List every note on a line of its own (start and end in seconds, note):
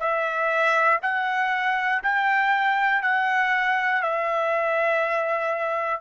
0.00 1.00 E5
1.02 2.02 F#5
2.03 3.02 G5
3.02 4.02 F#5
4.02 6.01 E5